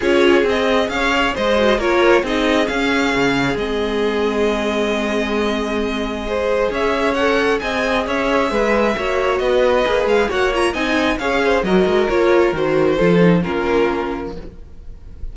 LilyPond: <<
  \new Staff \with { instrumentName = "violin" } { \time 4/4 \tempo 4 = 134 cis''4 dis''4 f''4 dis''4 | cis''4 dis''4 f''2 | dis''1~ | dis''2. e''4 |
fis''4 gis''4 e''2~ | e''4 dis''4. f''8 fis''8 ais''8 | gis''4 f''4 dis''4 cis''4 | c''2 ais'2 | }
  \new Staff \with { instrumentName = "violin" } { \time 4/4 gis'2 cis''4 c''4 | ais'4 gis'2.~ | gis'1~ | gis'2 c''4 cis''4~ |
cis''4 dis''4 cis''4 b'4 | cis''4 b'2 cis''4 | dis''4 cis''8 c''8 ais'2~ | ais'4 a'4 f'2 | }
  \new Staff \with { instrumentName = "viola" } { \time 4/4 f'4 gis'2~ gis'8 fis'8 | f'4 dis'4 cis'2 | c'1~ | c'2 gis'2 |
a'4 gis'2. | fis'2 gis'4 fis'8 f'8 | dis'4 gis'4 fis'4 f'4 | fis'4 f'8 dis'8 cis'2 | }
  \new Staff \with { instrumentName = "cello" } { \time 4/4 cis'4 c'4 cis'4 gis4 | ais4 c'4 cis'4 cis4 | gis1~ | gis2. cis'4~ |
cis'4 c'4 cis'4 gis4 | ais4 b4 ais8 gis8 ais4 | c'4 cis'4 fis8 gis8 ais4 | dis4 f4 ais2 | }
>>